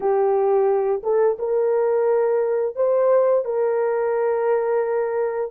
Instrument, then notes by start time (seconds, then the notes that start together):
horn
0.00 G4
1.03 A4
1.38 A#4
2.75 C5
3.44 A#4